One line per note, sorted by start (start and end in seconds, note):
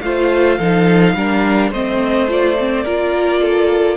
0.00 0.58 A3
0.00 0.60 F4
0.00 0.58 C5
0.00 1.70 F5
0.58 1.14 F3
0.58 1.16 D#4
0.58 1.14 A4
1.14 1.70 G3
1.14 1.73 D4
1.14 1.70 A#4
1.70 2.83 A3
1.70 2.28 C4
1.70 2.83 C5
1.70 2.29 D#5
2.28 2.56 F4
2.28 3.97 D5
2.58 2.85 C4
2.83 3.97 A#3
2.83 3.97 F4
2.83 3.40 A#4
3.41 3.97 A4